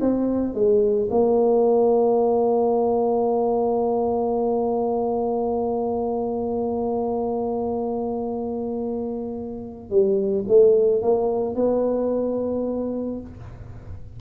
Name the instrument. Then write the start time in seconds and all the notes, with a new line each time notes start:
tuba
0.00 C4
0.54 G#3
1.10 A#3
9.90 G3
10.47 A3
11.02 A#3
11.55 B3